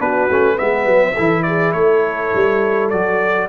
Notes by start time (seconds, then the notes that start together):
0.00 B3 D4 F#4 B4
0.30 A3 C#4
0.55 G#3 B3 B4 E5
0.86 F#3
1.14 E3 E4 A4
1.43 G#4 D5
1.73 A3 A4 C#5
2.35 G3
2.90 F#3 F#4 D5